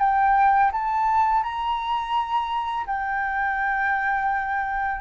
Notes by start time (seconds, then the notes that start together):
0.00 G5
0.72 A5
1.44 A#5
2.87 G5